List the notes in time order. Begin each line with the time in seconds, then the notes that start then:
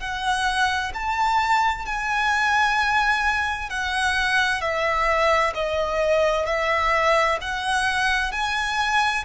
0.00 F#5
0.94 A5
1.86 G#5
3.70 F#5
4.61 E5
5.55 D#5
6.46 E5
7.42 F#5
8.32 G#5